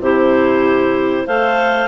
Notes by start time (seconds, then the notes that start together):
0.00 C3 E4 G4 C5
1.25 A3 A4 C5 F5